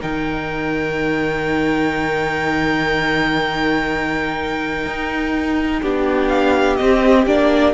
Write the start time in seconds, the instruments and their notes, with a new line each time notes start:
0.00 cello D#3, viola D#4, violin A#4 G5
4.86 cello D#4
5.82 cello B3, viola D4, violin G4
6.28 violin F5
6.76 viola C4, cello C4, violin D#5
7.26 cello A#3, viola D4, violin D5